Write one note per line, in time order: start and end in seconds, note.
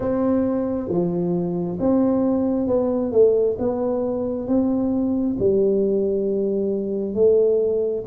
0.00 0.88 C4
0.88 1.78 F3
1.79 2.67 C4
2.67 3.11 B3
3.11 3.56 A3
3.59 4.47 B3
4.47 5.36 C4
5.39 7.14 G3
7.14 8.04 A3